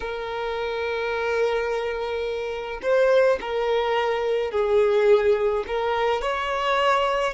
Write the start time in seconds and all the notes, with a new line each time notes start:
0.00 A#4
2.82 C5
3.40 A#4
4.51 G#4
5.67 A#4
6.21 C#5